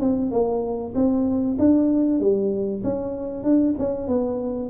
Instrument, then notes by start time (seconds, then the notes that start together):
tuba
0.00 C4
0.31 A#3
0.95 C4
1.59 D4
2.20 G3
2.84 C#4
3.44 D4
3.79 C#4
4.08 B3